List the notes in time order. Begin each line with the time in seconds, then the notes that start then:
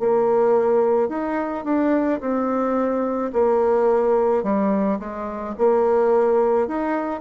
0.00 A#3
1.10 D#4
1.65 D4
2.21 C4
3.33 A#3
4.44 G3
5.00 G#3
5.59 A#3
6.68 D#4